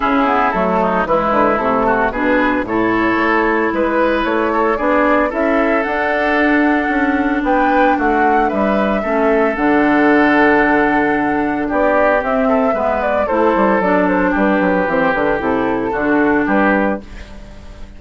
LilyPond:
<<
  \new Staff \with { instrumentName = "flute" } { \time 4/4 \tempo 4 = 113 gis'4 a'4 b'4 a'4 | b'4 cis''2 b'4 | cis''4 d''4 e''4 fis''4~ | fis''2 g''4 fis''4 |
e''2 fis''2~ | fis''2 d''4 e''4~ | e''8 d''8 c''4 d''8 c''8 b'4 | c''8 b'8 a'2 b'4 | }
  \new Staff \with { instrumentName = "oboe" } { \time 4/4 e'4. dis'8 e'4. fis'8 | gis'4 a'2 b'4~ | b'8 a'8 gis'4 a'2~ | a'2 b'4 fis'4 |
b'4 a'2.~ | a'2 g'4. a'8 | b'4 a'2 g'4~ | g'2 fis'4 g'4 | }
  \new Staff \with { instrumentName = "clarinet" } { \time 4/4 cis'8 b8 a4 gis4 a4 | d'4 e'2.~ | e'4 d'4 e'4 d'4~ | d'1~ |
d'4 cis'4 d'2~ | d'2. c'4 | b4 e'4 d'2 | c'8 d'8 e'4 d'2 | }
  \new Staff \with { instrumentName = "bassoon" } { \time 4/4 cis4 fis4 e8 d8 c4 | b,4 a,4 a4 gis4 | a4 b4 cis'4 d'4~ | d'4 cis'4 b4 a4 |
g4 a4 d2~ | d2 b4 c'4 | gis4 a8 g8 fis4 g8 fis8 | e8 d8 c4 d4 g4 | }
>>